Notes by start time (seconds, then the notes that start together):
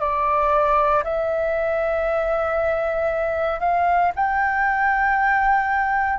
0.00 D5
1.04 E5
3.60 F5
4.16 G5